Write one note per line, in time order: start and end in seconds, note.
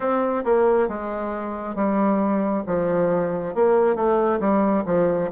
0.00 0.44 C4
0.44 0.88 A#3
0.88 1.75 G#3
1.75 2.63 G3
2.66 3.54 F3
3.55 3.95 A#3
3.95 4.39 A3
4.40 4.84 G3
4.85 5.29 F3